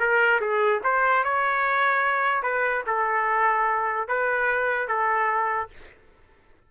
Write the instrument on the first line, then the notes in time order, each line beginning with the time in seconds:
trumpet
0.00 A#4
0.41 G#4
0.84 C5
1.24 C#5
2.43 B4
2.87 A4
4.09 B4
4.89 A4